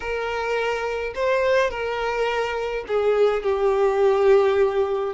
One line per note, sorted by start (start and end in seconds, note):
0.00 1.13 A#4
1.14 1.70 C5
1.70 2.84 A#4
2.87 3.43 G#4
3.43 5.14 G4